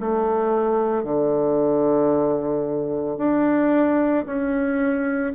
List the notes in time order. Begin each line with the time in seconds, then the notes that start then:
0.00 A3
1.03 D3
3.18 D4
4.26 C#4